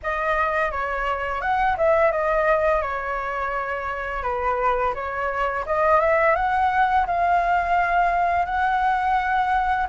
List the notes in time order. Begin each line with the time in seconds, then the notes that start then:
0.03 D#5
0.71 C#5
1.41 F#5
1.77 E5
2.11 D#5
2.81 C#5
4.23 B4
4.94 C#5
5.66 D#5
6.00 E5
6.35 F#5
7.06 F5
8.45 F#5